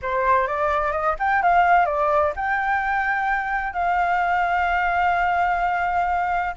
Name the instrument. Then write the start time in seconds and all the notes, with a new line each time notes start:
flute
0.01 C5
0.47 D5
0.91 D#5
1.19 G5
1.42 F5
1.85 D5
2.35 G5
3.73 F5